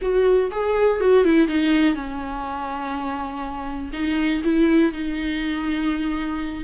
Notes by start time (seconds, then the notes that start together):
0.01 F#4
0.51 G#4
1.00 F#4
1.24 E4
1.48 D#4
1.94 C#4
3.93 D#4
4.44 E4
4.92 D#4